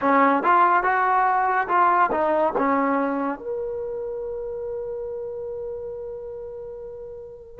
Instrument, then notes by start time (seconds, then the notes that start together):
trombone
0.01 C#4
0.43 F4
0.83 F#4
1.68 F4
2.11 D#4
2.57 C#4
3.38 A#4